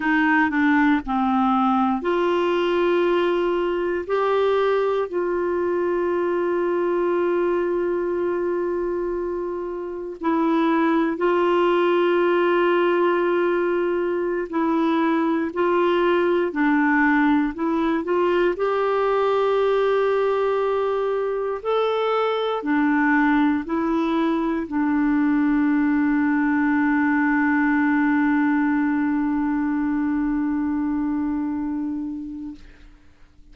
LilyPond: \new Staff \with { instrumentName = "clarinet" } { \time 4/4 \tempo 4 = 59 dis'8 d'8 c'4 f'2 | g'4 f'2.~ | f'2 e'4 f'4~ | f'2~ f'16 e'4 f'8.~ |
f'16 d'4 e'8 f'8 g'4.~ g'16~ | g'4~ g'16 a'4 d'4 e'8.~ | e'16 d'2.~ d'8.~ | d'1 | }